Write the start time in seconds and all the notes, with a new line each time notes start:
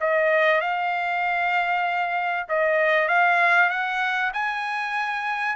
0.00 D#5
0.61 F5
2.48 D#5
3.08 F5
3.69 F#5
4.33 G#5